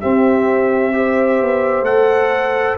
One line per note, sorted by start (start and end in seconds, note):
0.00 0.92 C4
0.00 1.41 C4
0.00 0.92 G4
0.00 1.84 E5
0.92 1.84 G4
0.92 2.78 C5
1.41 1.82 B3
1.82 2.74 A3
1.82 2.77 A4
1.82 2.77 F#5